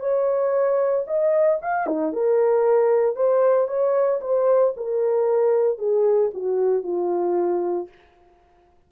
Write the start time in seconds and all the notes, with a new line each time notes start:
0.00 C#5
1.07 D#5
1.62 F5
1.87 D#4
2.13 A#4
3.16 C5
3.68 C#5
4.22 C5
4.77 A#4
5.78 G#4
6.34 F#4
6.83 F4